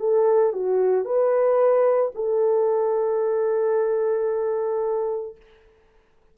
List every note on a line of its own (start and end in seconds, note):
0.00 0.53 A4
0.53 1.05 F#4
1.05 2.12 B4
2.15 5.37 A4